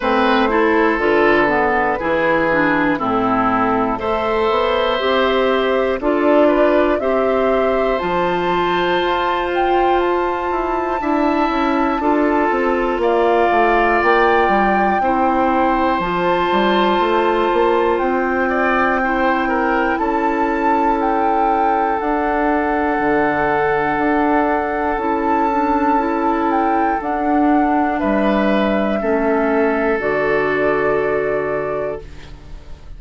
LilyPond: <<
  \new Staff \with { instrumentName = "flute" } { \time 4/4 \tempo 4 = 60 c''4 b'2 a'4 | e''2 d''4 e''4 | a''4. g''8 a''2~ | a''4 f''4 g''2 |
a''2 g''2 | a''4 g''4 fis''2~ | fis''4 a''4. g''8 fis''4 | e''2 d''2 | }
  \new Staff \with { instrumentName = "oboe" } { \time 4/4 b'8 a'4. gis'4 e'4 | c''2 a'8 b'8 c''4~ | c''2. e''4 | a'4 d''2 c''4~ |
c''2~ c''8 d''8 c''8 ais'8 | a'1~ | a'1 | b'4 a'2. | }
  \new Staff \with { instrumentName = "clarinet" } { \time 4/4 c'8 e'8 f'8 b8 e'8 d'8 c'4 | a'4 g'4 f'4 g'4 | f'2. e'4 | f'2. e'4 |
f'2. e'4~ | e'2 d'2~ | d'4 e'8 d'8 e'4 d'4~ | d'4 cis'4 fis'2 | }
  \new Staff \with { instrumentName = "bassoon" } { \time 4/4 a4 d4 e4 a,4 | a8 b8 c'4 d'4 c'4 | f4 f'4. e'8 d'8 cis'8 | d'8 c'8 ais8 a8 ais8 g8 c'4 |
f8 g8 a8 ais8 c'2 | cis'2 d'4 d4 | d'4 cis'2 d'4 | g4 a4 d2 | }
>>